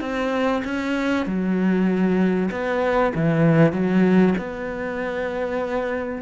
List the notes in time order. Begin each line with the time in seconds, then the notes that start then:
0.00 C4
0.64 C#4
1.26 F#3
2.51 B3
3.14 E3
3.72 F#3
4.38 B3